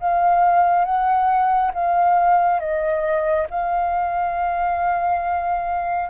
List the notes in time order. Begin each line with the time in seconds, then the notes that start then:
0.00 F5
0.85 F#5
1.74 F5
2.60 D#5
3.50 F5